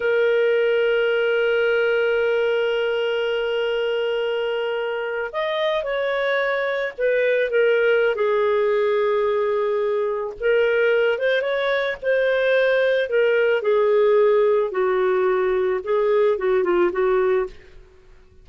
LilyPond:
\new Staff \with { instrumentName = "clarinet" } { \time 4/4 \tempo 4 = 110 ais'1~ | ais'1~ | ais'4.~ ais'16 dis''4 cis''4~ cis''16~ | cis''8. b'4 ais'4~ ais'16 gis'4~ |
gis'2. ais'4~ | ais'8 c''8 cis''4 c''2 | ais'4 gis'2 fis'4~ | fis'4 gis'4 fis'8 f'8 fis'4 | }